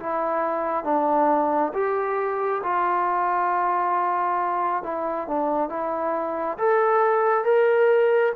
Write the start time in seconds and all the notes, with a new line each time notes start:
0.00 E4
0.85 D4
1.74 G4
2.64 F4
4.84 E4
5.28 D4
5.70 E4
6.59 A4
7.45 A#4